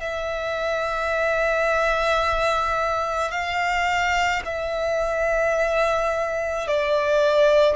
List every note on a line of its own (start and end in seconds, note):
0.00 3.31 E5
3.31 4.42 F5
4.44 6.67 E5
6.67 7.76 D5